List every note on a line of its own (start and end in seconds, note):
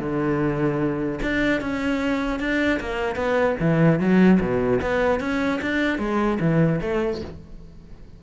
0.00 1.20 D3
1.22 1.61 D4
1.61 2.40 C#4
2.40 2.80 D4
2.81 3.16 A#3
3.16 3.56 B3
3.60 4.00 E3
4.00 4.40 F#3
4.41 4.81 B2
4.82 5.21 B3
5.21 5.61 C#4
5.62 5.99 D4
5.99 6.39 G#3
6.41 6.81 E3
6.82 7.22 A3